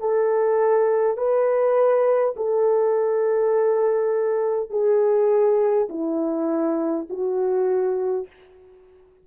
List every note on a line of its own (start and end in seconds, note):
0.00 1.18 A4
1.18 2.35 B4
2.37 4.71 A4
4.71 5.88 G#4
5.90 7.07 E4
7.10 8.28 F#4